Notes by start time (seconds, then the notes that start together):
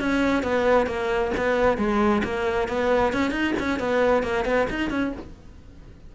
0.00 C#4
0.43 B3
0.87 A#3
1.37 B3
1.78 G#3
2.24 A#3
2.69 B3
3.13 C#4
3.31 D#4
3.60 C#4
3.80 B3
4.23 A#3
4.45 B3
4.70 D#4
4.90 C#4